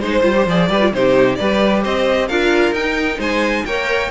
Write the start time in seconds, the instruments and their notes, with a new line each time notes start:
0.00 cello G#3, viola D#4, violin C5
0.22 cello G3, viola F4
0.36 viola G4
0.46 cello F3, viola G#4, violin D5
0.69 cello G3, viola G4, violin B4
0.81 viola F4
0.92 cello C3, viola D#4, violin G4 C5
1.35 cello G3, viola G4, violin B4 D5
1.83 cello C4, violin C5 D#5
2.27 cello D4, viola F4, violin A#4 F5
2.72 cello D#4, viola D#4, violin G5
3.18 cello G#3, violin C5 G#5
3.65 cello A#3, viola A#4, violin C#5 G5